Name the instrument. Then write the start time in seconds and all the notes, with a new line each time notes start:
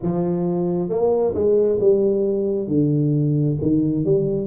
tuba
0.02 F3
0.89 A#3
1.34 G#3
1.80 G3
2.67 D3
3.61 D#3
4.04 G3